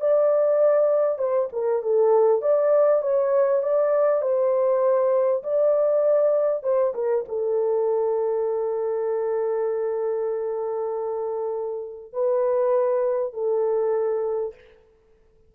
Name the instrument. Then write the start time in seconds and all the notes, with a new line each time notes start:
horn
0.00 D5
1.18 C5
1.52 A#4
1.82 A4
2.41 D5
3.02 C#5
3.63 D5
4.21 C5
5.43 D5
6.63 C5
6.94 A#4
7.28 A4
12.12 B4
13.33 A4